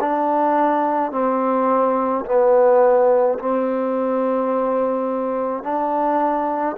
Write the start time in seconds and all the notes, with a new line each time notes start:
0.00 D4
1.12 C4
2.25 B3
3.39 C4
5.63 D4